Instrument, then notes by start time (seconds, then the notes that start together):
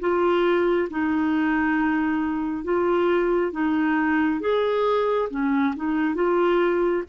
clarinet
0.00 F4
0.90 D#4
2.64 F4
3.52 D#4
4.40 G#4
5.30 C#4
5.76 D#4
6.15 F4